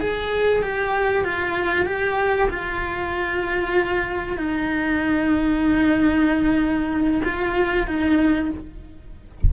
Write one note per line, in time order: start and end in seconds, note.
0.00 0.62 G#4
0.62 1.24 G4
1.24 1.85 F4
1.85 2.49 G4
2.49 4.37 F4
4.37 7.21 D#4
7.24 7.87 F4
7.87 8.50 D#4